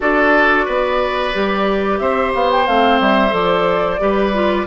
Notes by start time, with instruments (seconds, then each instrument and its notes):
0.00 bassoon D4, clarinet F#4, oboe A4, flute D5
0.65 bassoon B3, oboe B4
1.33 bassoon G3, clarinet G4
1.98 bassoon C4, oboe C5, flute E5
2.34 bassoon B3, flute F5
2.51 flute G5
2.66 bassoon A3, clarinet C4, flute F5
2.99 bassoon G3, flute E5
3.29 bassoon F3, clarinet A4, flute D5
3.99 bassoon G3, clarinet G4, oboe B4
4.33 clarinet F4